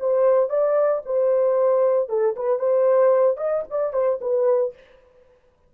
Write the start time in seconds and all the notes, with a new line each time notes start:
0.00 C5
0.50 D5
1.06 C5
2.09 A4
2.37 B4
2.60 C5
3.38 D#5
3.71 D5
3.93 C5
4.22 B4